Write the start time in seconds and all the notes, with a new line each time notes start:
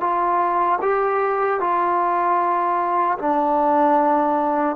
0.00 F4
0.81 G4
1.60 F4
3.18 D4